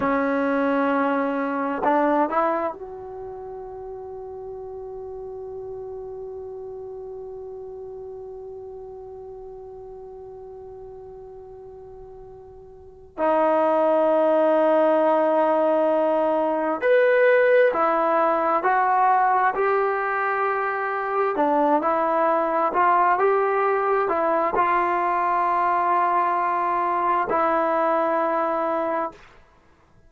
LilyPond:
\new Staff \with { instrumentName = "trombone" } { \time 4/4 \tempo 4 = 66 cis'2 d'8 e'8 fis'4~ | fis'1~ | fis'1~ | fis'2~ fis'8 dis'4.~ |
dis'2~ dis'8 b'4 e'8~ | e'8 fis'4 g'2 d'8 | e'4 f'8 g'4 e'8 f'4~ | f'2 e'2 | }